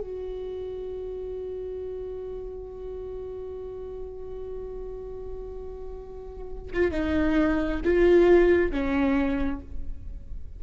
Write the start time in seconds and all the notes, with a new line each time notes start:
0.00 F#4
6.73 F4
6.91 D#4
7.84 F4
8.71 C#4